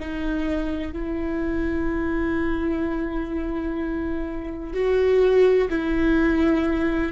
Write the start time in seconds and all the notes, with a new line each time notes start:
0.00 D#4
0.93 E4
4.74 F#4
5.70 E4